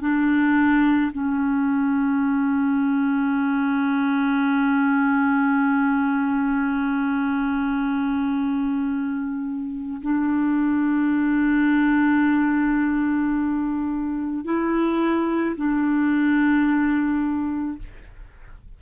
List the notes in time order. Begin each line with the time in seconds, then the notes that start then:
0.00 D4
1.12 C#4
10.02 D4
14.44 E4
15.56 D4